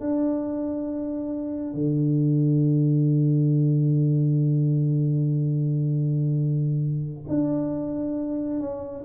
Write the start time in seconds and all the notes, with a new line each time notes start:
0.00 D4
1.74 D3
7.28 D4
8.59 C#4